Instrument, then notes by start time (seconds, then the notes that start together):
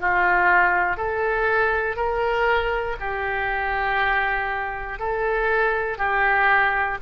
oboe
0.00 F4
0.97 A4
1.96 A#4
3.00 G4
4.99 A4
5.97 G4